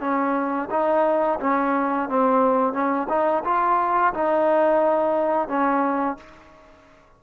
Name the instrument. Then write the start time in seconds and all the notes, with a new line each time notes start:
trombone
0.00 C#4
0.70 D#4
1.40 C#4
2.09 C4
2.73 C#4
3.09 D#4
3.45 F4
4.14 D#4
5.48 C#4